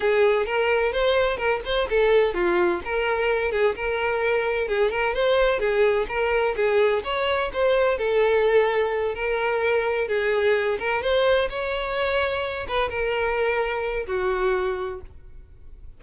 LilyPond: \new Staff \with { instrumentName = "violin" } { \time 4/4 \tempo 4 = 128 gis'4 ais'4 c''4 ais'8 c''8 | a'4 f'4 ais'4. gis'8 | ais'2 gis'8 ais'8 c''4 | gis'4 ais'4 gis'4 cis''4 |
c''4 a'2~ a'8 ais'8~ | ais'4. gis'4. ais'8 c''8~ | c''8 cis''2~ cis''8 b'8 ais'8~ | ais'2 fis'2 | }